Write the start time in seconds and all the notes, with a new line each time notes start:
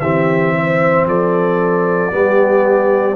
0.00 E3 C4 G4 E5
0.57 C5
1.06 F3 A4 D5
2.11 G3 B3 G4